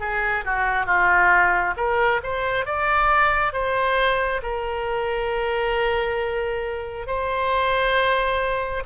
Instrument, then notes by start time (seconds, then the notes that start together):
oboe
0.00 G#4
0.45 F#4
0.86 F4
1.77 A#4
2.23 C5
2.66 D5
3.53 C5
4.42 A#4
7.07 C5